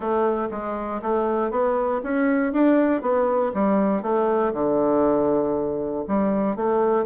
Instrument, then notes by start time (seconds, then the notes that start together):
bassoon
0.00 A3
0.50 G#3
1.02 A3
1.50 B3
2.03 C#4
2.53 D4
3.01 B3
3.54 G3
4.02 A3
4.53 D3
6.07 G3
6.56 A3